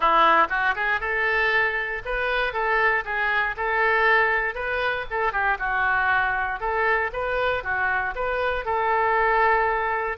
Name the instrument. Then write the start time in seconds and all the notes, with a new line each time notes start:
oboe
0.00 E4
0.49 F#4
0.75 G#4
1.00 A4
2.05 B4
2.53 A4
3.04 G#4
3.57 A4
4.54 B4
5.10 A4
5.32 G4
5.58 F#4
6.60 A4
7.13 B4
7.63 F#4
8.15 B4
8.65 A4